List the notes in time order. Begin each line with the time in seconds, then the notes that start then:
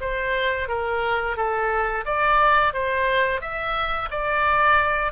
0.00 C5
0.68 A#4
1.36 A4
2.05 D5
2.73 C5
3.41 E5
4.10 D5